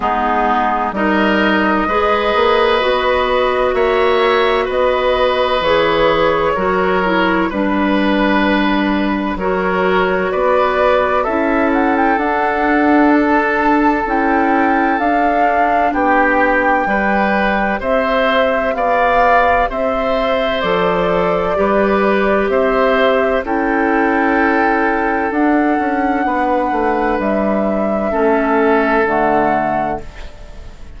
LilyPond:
<<
  \new Staff \with { instrumentName = "flute" } { \time 4/4 \tempo 4 = 64 gis'4 dis''2. | e''4 dis''4 cis''2 | b'2 cis''4 d''4 | e''8 fis''16 g''16 fis''4 a''4 g''4 |
f''4 g''2 e''4 | f''4 e''4 d''2 | e''4 g''2 fis''4~ | fis''4 e''2 fis''4 | }
  \new Staff \with { instrumentName = "oboe" } { \time 4/4 dis'4 ais'4 b'2 | cis''4 b'2 ais'4 | b'2 ais'4 b'4 | a'1~ |
a'4 g'4 b'4 c''4 | d''4 c''2 b'4 | c''4 a'2. | b'2 a'2 | }
  \new Staff \with { instrumentName = "clarinet" } { \time 4/4 b4 dis'4 gis'4 fis'4~ | fis'2 gis'4 fis'8 e'8 | d'2 fis'2 | e'4 d'2 e'4 |
d'2 g'2~ | g'2 a'4 g'4~ | g'4 e'2 d'4~ | d'2 cis'4 a4 | }
  \new Staff \with { instrumentName = "bassoon" } { \time 4/4 gis4 g4 gis8 ais8 b4 | ais4 b4 e4 fis4 | g2 fis4 b4 | cis'4 d'2 cis'4 |
d'4 b4 g4 c'4 | b4 c'4 f4 g4 | c'4 cis'2 d'8 cis'8 | b8 a8 g4 a4 d4 | }
>>